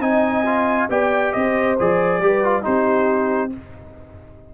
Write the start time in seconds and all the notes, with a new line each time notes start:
0.00 C4 D#4 D#5 G#5
0.46 F4
0.90 B3 G4 D5 G5
1.33 C4 C5 D#5
1.79 F3 G#4 D5
2.19 G3 G4
2.26 B4
2.44 F4
2.62 C4 D#4 G4 C5